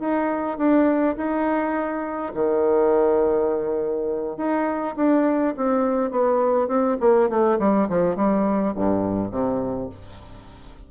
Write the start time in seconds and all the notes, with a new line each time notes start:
0.00 D#4
0.58 D4
1.17 D#4
2.34 D#3
4.37 D#4
4.96 D4
5.57 C4
6.11 B3
6.68 C4
7.00 A#3
7.29 A3
7.59 G3
7.89 F3
8.16 G3
8.76 G2
9.31 C3